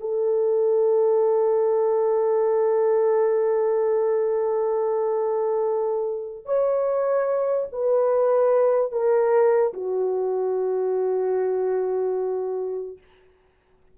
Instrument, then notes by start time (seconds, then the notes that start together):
horn
0.00 A4
6.45 C#5
7.72 B4
8.92 A#4
9.73 F#4